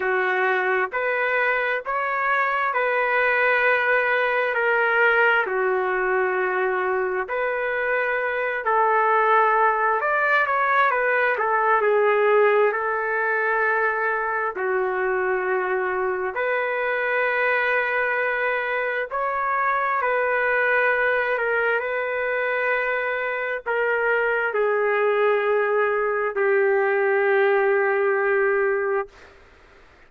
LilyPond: \new Staff \with { instrumentName = "trumpet" } { \time 4/4 \tempo 4 = 66 fis'4 b'4 cis''4 b'4~ | b'4 ais'4 fis'2 | b'4. a'4. d''8 cis''8 | b'8 a'8 gis'4 a'2 |
fis'2 b'2~ | b'4 cis''4 b'4. ais'8 | b'2 ais'4 gis'4~ | gis'4 g'2. | }